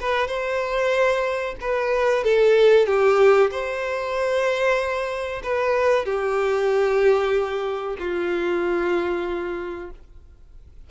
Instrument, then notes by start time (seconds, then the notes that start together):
violin
0.00 B4
0.28 C5
1.61 B4
2.24 A4
2.87 G4
3.51 C5
5.43 B4
6.05 G4
7.99 F4